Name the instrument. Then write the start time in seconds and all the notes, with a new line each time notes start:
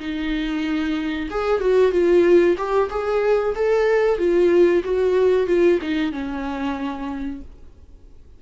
viola
0.00 D#4
1.31 G#4
1.61 F#4
1.92 F4
2.58 G4
2.91 G#4
3.56 A4
4.19 F4
4.85 F#4
5.47 F4
5.82 D#4
6.13 C#4